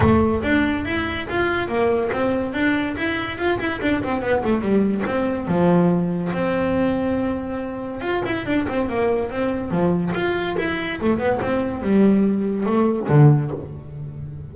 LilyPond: \new Staff \with { instrumentName = "double bass" } { \time 4/4 \tempo 4 = 142 a4 d'4 e'4 f'4 | ais4 c'4 d'4 e'4 | f'8 e'8 d'8 c'8 b8 a8 g4 | c'4 f2 c'4~ |
c'2. f'8 e'8 | d'8 c'8 ais4 c'4 f4 | f'4 e'4 a8 b8 c'4 | g2 a4 d4 | }